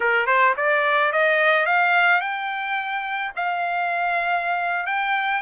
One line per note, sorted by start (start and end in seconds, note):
0.00 0.26 A#4
0.26 0.54 C5
0.56 1.12 D5
1.12 1.65 D#5
1.65 2.20 F5
2.20 3.32 G5
3.36 4.86 F5
4.86 5.41 G5